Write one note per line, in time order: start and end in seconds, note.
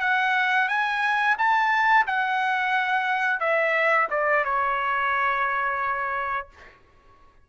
0.00 0.68 F#5
0.68 1.36 G#5
1.38 2.06 A5
2.07 3.40 F#5
3.40 4.08 E5
4.10 4.44 D5
4.44 6.49 C#5